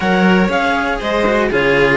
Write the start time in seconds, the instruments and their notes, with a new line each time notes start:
0.00 cello F#3 A#4, violin C#5, clarinet F#5
0.48 cello C#4 G#4, clarinet F5
0.99 cello G#3, violin C5, clarinet D#5
1.26 cello F#4
1.51 cello C#3 F4, violin G#4, clarinet C#5